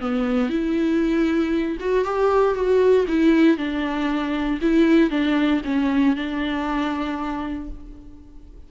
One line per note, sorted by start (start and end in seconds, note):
0.00 0.49 B3
0.49 1.77 E4
1.80 2.04 F#4
2.04 2.54 G4
2.54 3.06 F#4
3.08 3.57 E4
3.57 4.60 D4
4.61 5.10 E4
5.10 5.61 D4
5.65 6.16 C#4
6.16 7.69 D4